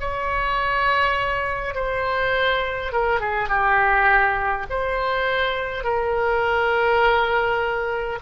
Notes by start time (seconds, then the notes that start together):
0.00 C#5
1.75 C5
2.93 A#4
3.20 G#4
3.49 G4
4.70 C5
5.84 A#4